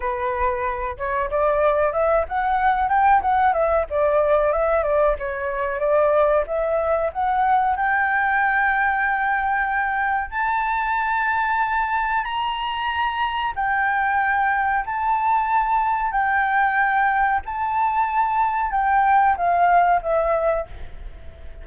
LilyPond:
\new Staff \with { instrumentName = "flute" } { \time 4/4 \tempo 4 = 93 b'4. cis''8 d''4 e''8 fis''8~ | fis''8 g''8 fis''8 e''8 d''4 e''8 d''8 | cis''4 d''4 e''4 fis''4 | g''1 |
a''2. ais''4~ | ais''4 g''2 a''4~ | a''4 g''2 a''4~ | a''4 g''4 f''4 e''4 | }